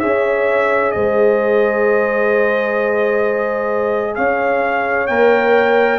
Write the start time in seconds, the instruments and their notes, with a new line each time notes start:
0.00 tuba C#4, trombone G#4, horn C#5, trumpet E5
0.92 tuba G#3, horn C5, trumpet D#5
4.15 tuba C#4, horn C#5, trumpet F5
5.07 tuba A#3, trombone A#4, trumpet G5